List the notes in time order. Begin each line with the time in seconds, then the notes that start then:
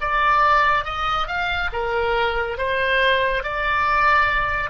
0.00 D5
0.84 D#5
1.27 F5
1.72 A#4
2.58 C5
3.43 D5